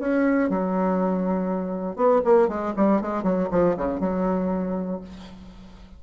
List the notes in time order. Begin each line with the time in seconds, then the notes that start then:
0.00 C#4
0.50 F#3
1.96 B3
2.25 A#3
2.49 G#3
2.77 G3
3.01 G#3
3.23 F#3
3.51 F3
3.77 C#3
4.00 F#3